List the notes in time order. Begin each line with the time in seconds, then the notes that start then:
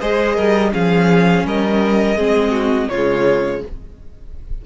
0.00 G#3 G#4 C5 D#5
0.35 G3 A#4
0.71 F3 C#4 G#4 F5
1.45 G3 A#4 D#5
2.16 G#3 C4 G#4
2.52 F#4
2.89 C#3 G#3 F4 C#5